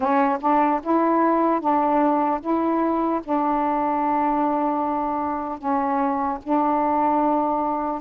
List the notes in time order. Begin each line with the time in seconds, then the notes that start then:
0.00 C#4
0.40 D4
0.83 E4
1.60 D4
2.40 E4
3.23 D4
5.58 C#4
6.43 D4